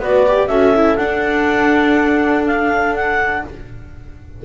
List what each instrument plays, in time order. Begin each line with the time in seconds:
0.00 double bass B3, viola F#4, horn B4, clarinet D5
0.27 viola G4
0.48 double bass C#4, viola F#4, horn A4, clarinet E5
0.75 viola E4
0.97 double bass D4, viola D4, clarinet F#5
2.47 clarinet F5
2.96 clarinet F#5